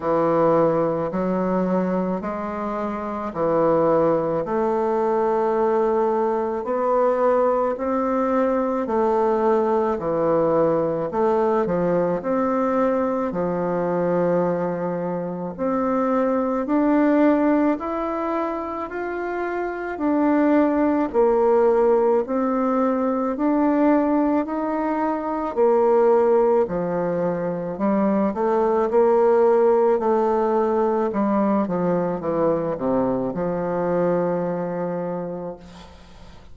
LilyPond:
\new Staff \with { instrumentName = "bassoon" } { \time 4/4 \tempo 4 = 54 e4 fis4 gis4 e4 | a2 b4 c'4 | a4 e4 a8 f8 c'4 | f2 c'4 d'4 |
e'4 f'4 d'4 ais4 | c'4 d'4 dis'4 ais4 | f4 g8 a8 ais4 a4 | g8 f8 e8 c8 f2 | }